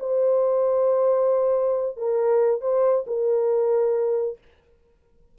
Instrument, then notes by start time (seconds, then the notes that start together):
horn
0.00 C5
1.97 A#4
2.62 C5
3.07 A#4